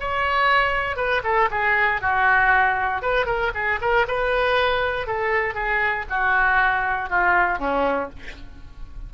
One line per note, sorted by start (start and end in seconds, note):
0.00 0.96 C#5
0.96 1.22 B4
1.24 1.49 A4
1.51 2.01 G#4
2.01 3.02 F#4
3.02 3.26 B4
3.26 3.51 A#4
3.54 3.80 G#4
3.81 4.06 A#4
4.08 5.07 B4
5.07 5.54 A4
5.54 6.05 G#4
6.09 7.10 F#4
7.10 7.59 F4
7.59 8.09 C#4